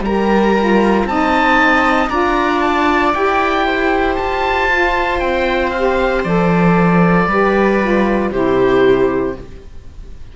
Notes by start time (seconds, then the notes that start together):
0.00 G3 G4 A#4 A#5
0.58 F4
1.05 C4 D#4 D#5 A5
2.10 D4 F4 D5 A#5
2.61 A5
3.14 E4 G4 G5
3.66 C5
4.16 F4 A5
4.69 F4
5.19 C4 G5
5.70 G4 F5
6.23 F3 A4 D5
7.26 G3 G4 B4
7.81 F4
8.32 C3 E4 G4 C5